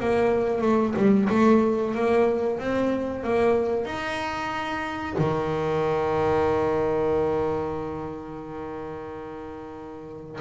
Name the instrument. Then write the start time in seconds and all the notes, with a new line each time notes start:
double bass
0.00 A#3
0.62 A3
0.96 G3
1.30 A3
1.95 A#3
2.59 C4
3.23 A#3
3.86 D#4
5.18 D#3